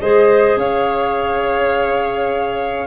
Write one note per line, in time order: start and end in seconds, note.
0.00 0.56 G#3
0.00 2.87 G#4
0.00 0.58 C5
0.00 0.58 D#5
0.56 2.87 C#4
0.56 2.87 C#5
0.56 2.87 F5